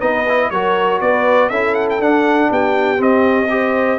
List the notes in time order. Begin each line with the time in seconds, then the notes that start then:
0.00 B3 D#4 B4 D#5
0.29 E4
0.50 F#3 F#4 A#4 C#5
1.01 B3 B4 D5
1.50 C#4 E4 A4 E5
1.75 F#5
1.90 G5
2.00 D4 F#5
2.51 B3 G4 G5
2.98 C4 D#5
3.50 G4 C5